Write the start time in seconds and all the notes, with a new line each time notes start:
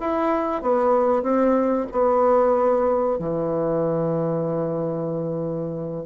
0.00 E4
0.62 B3
1.23 C4
1.92 B3
3.19 E3